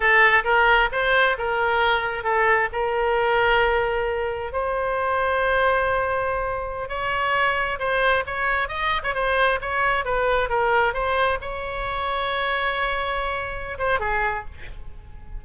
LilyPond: \new Staff \with { instrumentName = "oboe" } { \time 4/4 \tempo 4 = 133 a'4 ais'4 c''4 ais'4~ | ais'4 a'4 ais'2~ | ais'2 c''2~ | c''2.~ c''16 cis''8.~ |
cis''4~ cis''16 c''4 cis''4 dis''8. | cis''16 c''4 cis''4 b'4 ais'8.~ | ais'16 c''4 cis''2~ cis''8.~ | cis''2~ cis''8 c''8 gis'4 | }